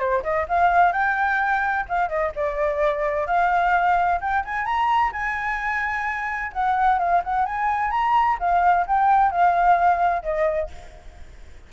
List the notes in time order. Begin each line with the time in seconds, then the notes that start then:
0.00 C5
0.23 D#5
0.49 F5
0.93 G5
1.89 F5
2.09 D#5
2.36 D5
3.27 F5
4.21 G5
4.45 G#5
4.66 A#5
5.13 G#5
6.53 F#5
6.99 F5
7.24 F#5
7.46 G#5
7.91 A#5
8.40 F5
8.87 G5
9.31 F5
10.23 D#5